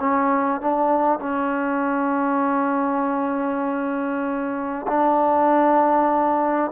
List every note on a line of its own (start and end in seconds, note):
0.00 0.61 C#4
0.61 1.19 D4
1.19 4.87 C#4
4.88 6.72 D4